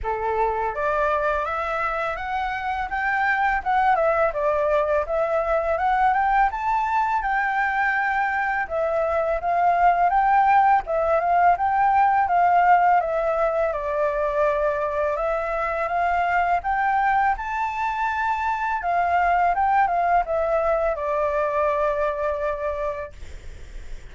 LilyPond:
\new Staff \with { instrumentName = "flute" } { \time 4/4 \tempo 4 = 83 a'4 d''4 e''4 fis''4 | g''4 fis''8 e''8 d''4 e''4 | fis''8 g''8 a''4 g''2 | e''4 f''4 g''4 e''8 f''8 |
g''4 f''4 e''4 d''4~ | d''4 e''4 f''4 g''4 | a''2 f''4 g''8 f''8 | e''4 d''2. | }